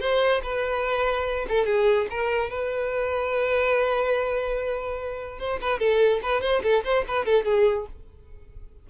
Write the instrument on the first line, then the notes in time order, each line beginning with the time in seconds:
violin
0.00 C5
0.43 B4
1.48 A4
1.65 G#4
2.10 A#4
2.50 B4
5.39 C5
5.61 B4
5.79 A4
6.22 B4
6.41 C5
6.63 A4
6.84 C5
7.08 B4
7.25 A4
7.45 G#4